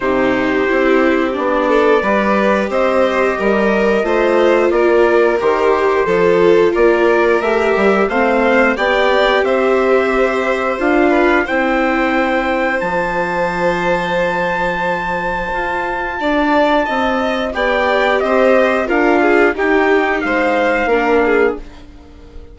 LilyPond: <<
  \new Staff \with { instrumentName = "trumpet" } { \time 4/4 \tempo 4 = 89 c''2 d''2 | dis''2. d''4 | c''2 d''4 e''4 | f''4 g''4 e''2 |
f''4 g''2 a''4~ | a''1~ | a''2 g''4 dis''4 | f''4 g''4 f''2 | }
  \new Staff \with { instrumentName = "violin" } { \time 4/4 g'2~ g'8 a'8 b'4 | c''4 ais'4 c''4 ais'4~ | ais'4 a'4 ais'2 | c''4 d''4 c''2~ |
c''8 b'8 c''2.~ | c''1 | d''4 dis''4 d''4 c''4 | ais'8 gis'8 g'4 c''4 ais'8 gis'8 | }
  \new Staff \with { instrumentName = "viola" } { \time 4/4 dis'4 e'4 d'4 g'4~ | g'2 f'2 | g'4 f'2 g'4 | c'4 g'2. |
f'4 e'2 f'4~ | f'1~ | f'2 g'2 | f'4 dis'2 d'4 | }
  \new Staff \with { instrumentName = "bassoon" } { \time 4/4 c4 c'4 b4 g4 | c'4 g4 a4 ais4 | dis4 f4 ais4 a8 g8 | a4 b4 c'2 |
d'4 c'2 f4~ | f2. f'4 | d'4 c'4 b4 c'4 | d'4 dis'4 gis4 ais4 | }
>>